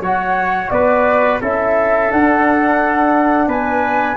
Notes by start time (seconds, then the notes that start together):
0.00 F#3 F#4 C#5 F#5
0.70 B3 B4 D5
1.41 C#4 E4 A4 E5
2.09 D4 F#5
3.48 B3 B4 G#5